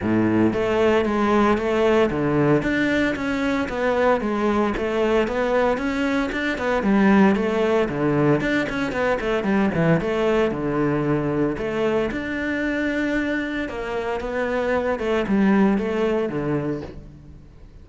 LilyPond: \new Staff \with { instrumentName = "cello" } { \time 4/4 \tempo 4 = 114 a,4 a4 gis4 a4 | d4 d'4 cis'4 b4 | gis4 a4 b4 cis'4 | d'8 b8 g4 a4 d4 |
d'8 cis'8 b8 a8 g8 e8 a4 | d2 a4 d'4~ | d'2 ais4 b4~ | b8 a8 g4 a4 d4 | }